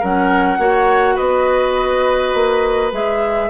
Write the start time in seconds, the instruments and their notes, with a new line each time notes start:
0.00 bassoon F#3, clarinet C#4, oboe A#4, flute F#5
0.58 bassoon A#3, clarinet F#4, oboe C#5
1.15 bassoon B3, oboe B4, flute D#5
2.34 bassoon A#3
2.92 bassoon G#3, clarinet G#4, flute E5